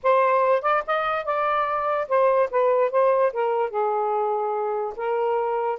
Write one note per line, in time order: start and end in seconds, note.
0.03 0.62 C5
0.62 0.82 D5
0.86 1.25 D#5
1.25 2.08 D5
2.08 2.49 C5
2.50 2.90 B4
2.90 3.32 C5
3.32 3.70 A#4
3.70 4.94 G#4
4.96 5.79 A#4